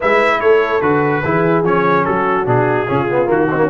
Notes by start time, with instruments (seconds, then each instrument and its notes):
0.00 tuba G#3, trombone E4, horn B4, trumpet E5
0.40 tuba A3, horn A4, trumpet C#5
0.81 tuba D3, trombone F#4, trumpet B4
1.24 tuba E3, trombone E4, horn G#4
1.63 tuba F3, trombone C#4, trumpet C#5
2.05 tuba F#3, horn F#4, trumpet A4
2.45 tuba B2, trombone D4, trumpet G#4
2.87 tuba C#3, trombone C#4, horn F4
3.10 trombone B3
3.26 tuba D#3, trombone A#3, trumpet F#4
3.49 trombone C4, horn D#4
3.57 trombone A#3, horn C#4